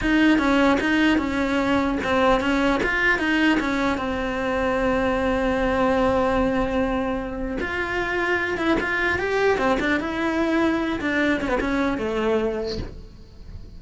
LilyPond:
\new Staff \with { instrumentName = "cello" } { \time 4/4 \tempo 4 = 150 dis'4 cis'4 dis'4 cis'4~ | cis'4 c'4 cis'4 f'4 | dis'4 cis'4 c'2~ | c'1~ |
c'2. f'4~ | f'4. e'8 f'4 g'4 | c'8 d'8 e'2~ e'8 d'8~ | d'8 cis'16 b16 cis'4 a2 | }